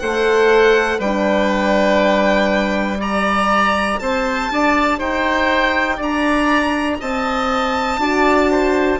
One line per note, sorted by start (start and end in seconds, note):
0.00 1.00 A3
0.00 1.02 A4
0.00 0.99 C5
0.00 1.00 F#5
0.99 4.00 G3
0.99 3.02 D4
0.99 2.99 B4
0.99 3.01 G5
3.00 8.01 G4
3.00 4.00 D5
3.00 4.00 A#5
4.00 4.50 C4
4.00 4.52 C5
4.00 5.00 A5
4.51 5.00 D4
4.51 4.99 D5
4.99 6.00 D#4
4.99 5.97 C5
4.99 6.00 G5
5.97 7.00 D4
5.97 6.97 D5
5.97 7.01 A#5
7.00 7.98 C4
7.00 8.00 D#5
7.00 9.00 A5
7.98 8.98 D4
7.98 9.00 F#4
7.98 8.51 D5
8.51 9.00 C5